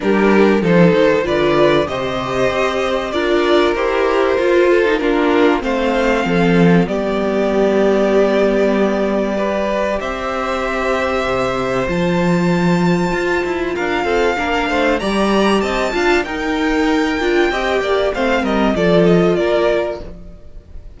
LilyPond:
<<
  \new Staff \with { instrumentName = "violin" } { \time 4/4 \tempo 4 = 96 ais'4 c''4 d''4 dis''4~ | dis''4 d''4 c''2 | ais'4 f''2 d''4~ | d''1 |
e''2. a''4~ | a''2 f''2 | ais''4 a''4 g''2~ | g''4 f''8 dis''8 d''8 dis''8 d''4 | }
  \new Staff \with { instrumentName = "violin" } { \time 4/4 g'4 a'4 b'4 c''4~ | c''4 ais'2~ ais'8 a'8 | f'4 c''4 a'4 g'4~ | g'2. b'4 |
c''1~ | c''2 ais'8 a'8 ais'8 c''8 | d''4 dis''8 f''8 ais'2 | dis''8 d''8 c''8 ais'8 a'4 ais'4 | }
  \new Staff \with { instrumentName = "viola" } { \time 4/4 d'4 dis'4 f'4 g'4~ | g'4 f'4 g'4 f'8. dis'16 | d'4 c'2 b4~ | b2. g'4~ |
g'2. f'4~ | f'2. d'4 | g'4. f'8 dis'4. f'8 | g'4 c'4 f'2 | }
  \new Staff \with { instrumentName = "cello" } { \time 4/4 g4 f8 dis8 d4 c4 | c'4 d'4 e'4 f'4 | ais4 a4 f4 g4~ | g1 |
c'2 c4 f4~ | f4 f'8 e'8 d'8 c'8 ais8 a8 | g4 c'8 d'8 dis'4. d'8 | c'8 ais8 a8 g8 f4 ais4 | }
>>